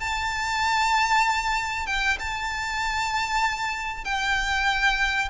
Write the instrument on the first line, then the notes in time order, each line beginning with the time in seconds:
violin
0.00 A5
1.86 G5
2.19 A5
4.04 G5